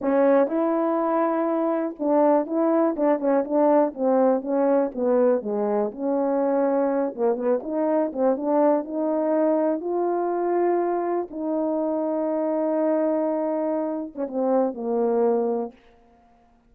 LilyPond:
\new Staff \with { instrumentName = "horn" } { \time 4/4 \tempo 4 = 122 cis'4 e'2. | d'4 e'4 d'8 cis'8 d'4 | c'4 cis'4 b4 gis4 | cis'2~ cis'8 ais8 b8 dis'8~ |
dis'8 c'8 d'4 dis'2 | f'2. dis'4~ | dis'1~ | dis'8. cis'16 c'4 ais2 | }